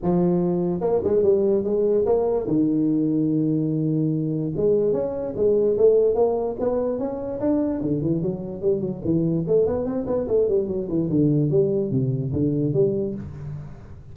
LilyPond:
\new Staff \with { instrumentName = "tuba" } { \time 4/4 \tempo 4 = 146 f2 ais8 gis8 g4 | gis4 ais4 dis2~ | dis2. gis4 | cis'4 gis4 a4 ais4 |
b4 cis'4 d'4 d8 e8 | fis4 g8 fis8 e4 a8 b8 | c'8 b8 a8 g8 fis8 e8 d4 | g4 c4 d4 g4 | }